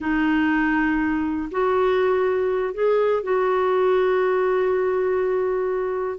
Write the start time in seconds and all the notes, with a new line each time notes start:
0.00 D#4
1.51 F#4
2.74 G#4
3.23 F#4